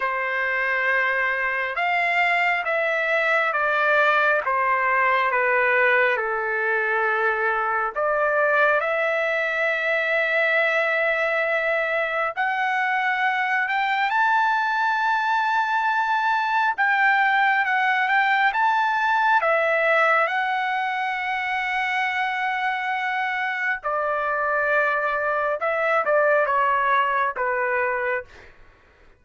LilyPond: \new Staff \with { instrumentName = "trumpet" } { \time 4/4 \tempo 4 = 68 c''2 f''4 e''4 | d''4 c''4 b'4 a'4~ | a'4 d''4 e''2~ | e''2 fis''4. g''8 |
a''2. g''4 | fis''8 g''8 a''4 e''4 fis''4~ | fis''2. d''4~ | d''4 e''8 d''8 cis''4 b'4 | }